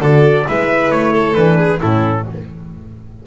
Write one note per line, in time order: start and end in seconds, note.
0.00 0.45 D3
0.00 0.46 F#4
0.00 0.45 A4
0.00 0.48 D5
0.47 0.91 G#3
0.47 1.35 E4
0.47 1.13 B4
0.47 0.91 E5
0.91 1.36 A3
0.91 1.34 C#5
1.13 1.58 A4
1.34 1.81 E3
1.34 1.80 D4
1.34 1.79 B4
1.58 1.80 G#4
1.81 2.27 A2
1.81 2.25 C#4
1.81 2.26 E4
1.81 2.26 A4